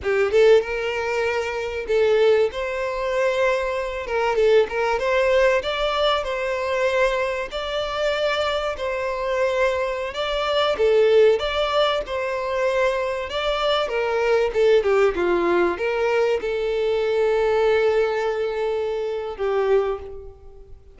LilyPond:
\new Staff \with { instrumentName = "violin" } { \time 4/4 \tempo 4 = 96 g'8 a'8 ais'2 a'4 | c''2~ c''8 ais'8 a'8 ais'8 | c''4 d''4 c''2 | d''2 c''2~ |
c''16 d''4 a'4 d''4 c''8.~ | c''4~ c''16 d''4 ais'4 a'8 g'16~ | g'16 f'4 ais'4 a'4.~ a'16~ | a'2. g'4 | }